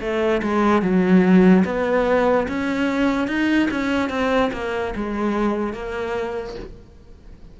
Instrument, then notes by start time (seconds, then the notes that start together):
cello
0.00 A3
0.42 G#3
0.81 F#3
1.65 B3
2.48 C#4
3.27 D#4
3.71 C#4
4.09 C4
4.52 A#3
4.95 G#3
5.73 A#3